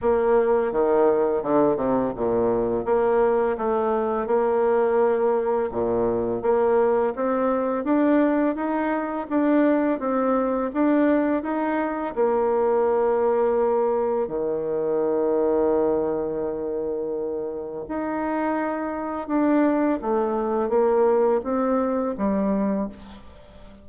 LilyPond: \new Staff \with { instrumentName = "bassoon" } { \time 4/4 \tempo 4 = 84 ais4 dis4 d8 c8 ais,4 | ais4 a4 ais2 | ais,4 ais4 c'4 d'4 | dis'4 d'4 c'4 d'4 |
dis'4 ais2. | dis1~ | dis4 dis'2 d'4 | a4 ais4 c'4 g4 | }